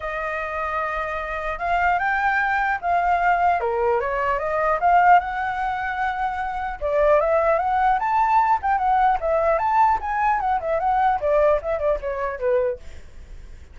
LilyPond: \new Staff \with { instrumentName = "flute" } { \time 4/4 \tempo 4 = 150 dis''1 | f''4 g''2 f''4~ | f''4 ais'4 cis''4 dis''4 | f''4 fis''2.~ |
fis''4 d''4 e''4 fis''4 | a''4. g''8 fis''4 e''4 | a''4 gis''4 fis''8 e''8 fis''4 | d''4 e''8 d''8 cis''4 b'4 | }